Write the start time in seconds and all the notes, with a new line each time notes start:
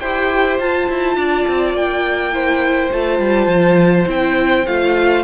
0.00 E4 G4 C5 G5
0.59 F4 A5
0.89 E4
1.16 D4 D5
1.47 C4
1.74 A#3 G5
2.32 E4 C5
2.91 A3 F4 A5
3.19 G3
3.47 F3
4.06 C4 E4 G5
4.67 A3 F4 F5